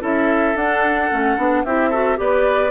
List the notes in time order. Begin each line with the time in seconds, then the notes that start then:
0.00 C#4 E4 A4 E5
0.55 D4 F#5
1.11 A3 C#4
1.37 B3 D4
1.64 C4 E4 G4 E5
1.89 F#4 A4
2.16 B3 G4 B4 D5